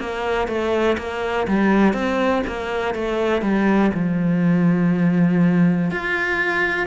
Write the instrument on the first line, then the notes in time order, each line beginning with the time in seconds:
cello
0.00 A#3
0.48 A3
0.98 A#3
1.48 G3
1.94 C4
2.47 A#3
2.95 A3
3.42 G3
3.95 F3
5.92 F4